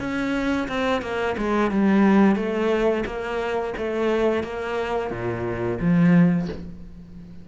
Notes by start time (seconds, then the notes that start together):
0.00 C#4
0.68 C4
1.02 A#3
1.38 G#3
1.71 G3
2.36 A3
3.06 A#3
3.77 A3
4.44 A#3
5.11 A#2
5.80 F3